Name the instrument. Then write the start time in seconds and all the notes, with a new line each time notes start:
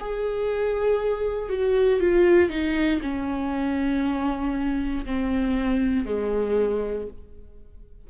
viola
0.00 G#4
1.49 F#4
2.00 F4
2.50 D#4
3.02 C#4
5.05 C4
6.06 G#3